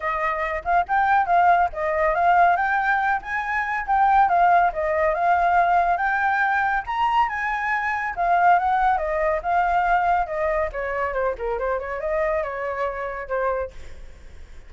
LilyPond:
\new Staff \with { instrumentName = "flute" } { \time 4/4 \tempo 4 = 140 dis''4. f''8 g''4 f''4 | dis''4 f''4 g''4. gis''8~ | gis''4 g''4 f''4 dis''4 | f''2 g''2 |
ais''4 gis''2 f''4 | fis''4 dis''4 f''2 | dis''4 cis''4 c''8 ais'8 c''8 cis''8 | dis''4 cis''2 c''4 | }